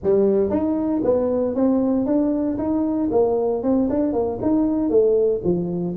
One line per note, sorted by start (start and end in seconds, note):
0.03 0.50 G3
0.50 1.02 D#4
1.03 1.54 B3
1.54 2.05 C4
2.05 2.57 D4
2.57 3.09 D#4
3.11 3.63 A#3
3.63 3.88 C4
3.89 4.12 D4
4.12 4.38 A#3
4.41 4.89 D#4
4.89 5.41 A3
5.44 5.95 F3